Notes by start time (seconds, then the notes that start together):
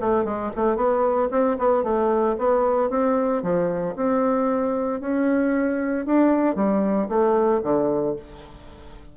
0.00 A3
0.25 G#3
0.56 A3
0.76 B3
1.31 C4
1.58 B3
1.83 A3
2.38 B3
2.90 C4
3.42 F3
3.96 C4
5.01 C#4
6.06 D4
6.56 G3
7.08 A3
7.63 D3